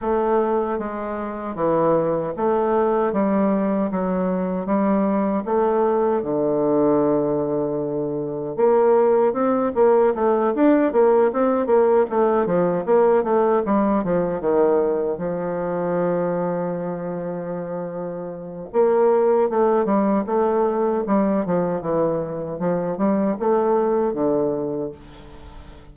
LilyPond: \new Staff \with { instrumentName = "bassoon" } { \time 4/4 \tempo 4 = 77 a4 gis4 e4 a4 | g4 fis4 g4 a4 | d2. ais4 | c'8 ais8 a8 d'8 ais8 c'8 ais8 a8 |
f8 ais8 a8 g8 f8 dis4 f8~ | f1 | ais4 a8 g8 a4 g8 f8 | e4 f8 g8 a4 d4 | }